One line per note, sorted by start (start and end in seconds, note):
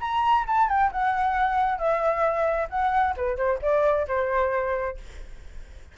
0.00 0.45 A#5
0.47 0.69 A5
0.69 0.91 G5
0.92 1.78 F#5
1.78 2.68 E5
2.70 3.14 F#5
3.16 3.36 B4
3.36 3.59 C5
3.62 4.06 D5
4.08 4.97 C5